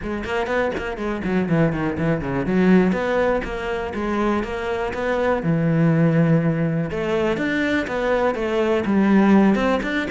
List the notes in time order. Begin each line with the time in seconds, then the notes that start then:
0.02 G#3
0.24 A#3
0.46 B3
0.77 A#3
0.97 G#3
1.24 F#3
1.48 E3
1.72 D#3
1.98 E3
2.21 C#3
2.45 F#3
2.92 B3
3.44 A#3
3.94 G#3
4.43 A#3
4.93 B3
5.42 E3
6.90 A3
7.37 D4
7.87 B3
8.35 A3
8.85 G3
9.55 C4
9.82 D4